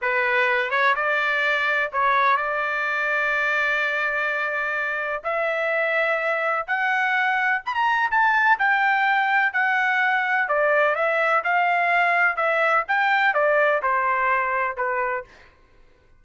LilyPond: \new Staff \with { instrumentName = "trumpet" } { \time 4/4 \tempo 4 = 126 b'4. cis''8 d''2 | cis''4 d''2.~ | d''2. e''4~ | e''2 fis''2 |
b''16 ais''8. a''4 g''2 | fis''2 d''4 e''4 | f''2 e''4 g''4 | d''4 c''2 b'4 | }